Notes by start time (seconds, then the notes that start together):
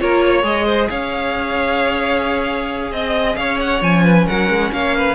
0.00 A#3 F4 A#4 C#5
0.26 C#5
0.43 G#3 G#4 D#5
0.67 C5
0.90 C#4 C#5 F5
2.92 C4 D#5
3.36 C#4 C#5 F5
3.60 F#5
3.82 F3 C#4 G#5
4.04 B4
4.27 F#3 A#4 F#5
4.49 G#3
4.73 A#3 C#5 F5
4.97 B4